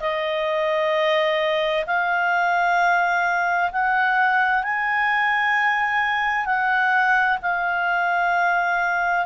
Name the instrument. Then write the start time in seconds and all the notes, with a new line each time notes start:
clarinet
0.00 D#5
1.86 F5
3.72 F#5
4.63 G#5
6.46 F#5
7.42 F5